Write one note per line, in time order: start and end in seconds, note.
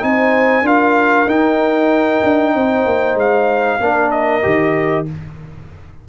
0.00 0.62 C4
0.00 0.63 D#4
0.00 0.65 C5
0.00 0.66 G#5
0.62 1.25 D4
0.62 1.26 F4
0.62 2.54 A#4
0.62 1.29 F5
1.26 2.20 D#4
1.26 3.80 D#4
1.26 3.18 G5
2.24 2.55 D4
2.55 2.86 C4
2.55 3.80 C5
2.86 3.15 A#3
3.15 3.78 G#3
3.15 4.10 F5
3.80 4.43 A#3
3.80 4.42 D4
3.80 5.06 A#4
4.10 5.05 D#5
4.42 5.08 D#3
4.42 5.05 G4